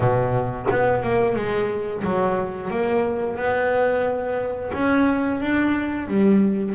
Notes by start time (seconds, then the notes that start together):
0.00 B2
0.70 B3
1.03 A#3
1.35 G#3
2.04 F#3
2.70 A#3
3.36 B3
4.73 C#4
5.40 D4
6.07 G3